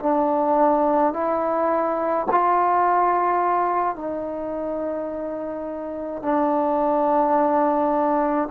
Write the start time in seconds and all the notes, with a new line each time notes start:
0.00 D4
1.13 E4
2.31 F4
3.96 D#4
6.23 D4